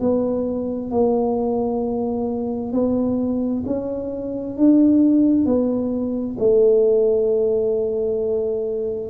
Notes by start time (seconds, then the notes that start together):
0.00 B3
0.91 A#3
2.73 B3
3.66 C#4
4.57 D4
5.45 B3
6.39 A3